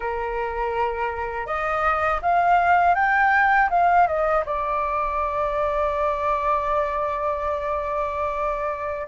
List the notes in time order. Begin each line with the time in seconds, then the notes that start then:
0.00 A#4
1.46 D#5
2.22 F5
2.95 G5
3.70 F5
4.07 D#5
4.45 D5